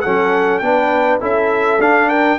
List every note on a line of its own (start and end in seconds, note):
0.00 0.61 F#3
0.00 0.62 C#4
0.00 0.62 A4
0.00 0.58 F#5
0.58 1.19 B3
0.58 1.20 D4
0.58 1.20 B4
0.58 1.17 G5
1.20 1.79 C#4
1.20 1.79 E4
1.20 2.08 A4
1.20 1.81 E5
1.79 2.38 D4
1.79 2.09 F5
2.08 2.38 A#4
2.08 2.38 G5